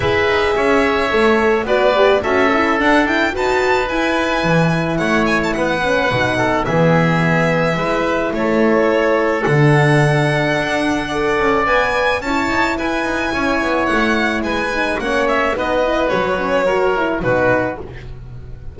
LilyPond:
<<
  \new Staff \with { instrumentName = "violin" } { \time 4/4 \tempo 4 = 108 e''2. d''4 | e''4 fis''8 g''8 a''4 gis''4~ | gis''4 fis''8 gis''16 a''16 fis''2 | e''2. cis''4~ |
cis''4 fis''2.~ | fis''4 gis''4 a''4 gis''4~ | gis''4 fis''4 gis''4 fis''8 e''8 | dis''4 cis''2 b'4 | }
  \new Staff \with { instrumentName = "oboe" } { \time 4/4 b'4 cis''2 b'4 | a'2 b'2~ | b'4 cis''4 b'4. a'8 | gis'2 b'4 a'4~ |
a'1 | d''2 cis''4 b'4 | cis''2 b'4 cis''4 | b'2 ais'4 fis'4 | }
  \new Staff \with { instrumentName = "horn" } { \time 4/4 gis'2 a'4 fis'8 g'8 | fis'8 e'8 d'8 e'8 fis'4 e'4~ | e'2~ e'8 cis'8 dis'4 | b2 e'2~ |
e'4 d'2. | a'4 b'4 e'2~ | e'2~ e'8 dis'8 cis'4 | dis'8 e'8 fis'8 cis'8 fis'8 e'8 dis'4 | }
  \new Staff \with { instrumentName = "double bass" } { \time 4/4 e'8 dis'8 cis'4 a4 b4 | cis'4 d'4 dis'4 e'4 | e4 a4 b4 b,4 | e2 gis4 a4~ |
a4 d2 d'4~ | d'8 cis'8 b4 cis'8 dis'8 e'8 dis'8 | cis'8 b8 a4 gis4 ais4 | b4 fis2 b,4 | }
>>